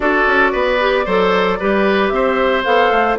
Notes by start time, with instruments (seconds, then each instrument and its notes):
0.00 bassoon D4, clarinet F#4, oboe A4, flute D5
0.26 bassoon C#4
0.52 bassoon B3, oboe B4
0.79 clarinet G4
1.05 bassoon F#3, clarinet A4, oboe C5
1.59 bassoon G3, clarinet G4, oboe B4
2.09 bassoon C4, oboe C5, flute E5
2.64 bassoon B3, clarinet A4, flute F5
2.90 bassoon A3